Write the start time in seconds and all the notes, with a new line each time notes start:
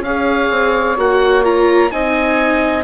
0.00 C#4 G#4 C#5 F5
0.50 C4
0.97 A#3 F#4 F#5
1.43 F4 A#5
1.91 C4 D#4 D#5 G#5